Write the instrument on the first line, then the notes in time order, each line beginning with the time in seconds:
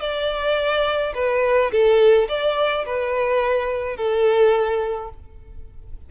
violin
0.00 D5
1.14 B4
1.72 A4
2.28 D5
2.86 B4
3.96 A4